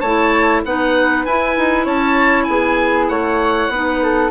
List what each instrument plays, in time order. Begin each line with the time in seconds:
0.00 bassoon A3, clarinet E4, flute C#5, oboe A5
0.64 bassoon B3, clarinet D#4, flute B4, oboe F#5
1.25 bassoon E4, clarinet E4, oboe G#5
1.57 bassoon D#4
1.85 bassoon C#4, flute C#5, oboe A5
2.44 bassoon B3, flute G#4, oboe G#5
3.08 bassoon A3, flute C#5, oboe F#5
3.68 bassoon B3, clarinet D#4, flute B4
4.03 flute A4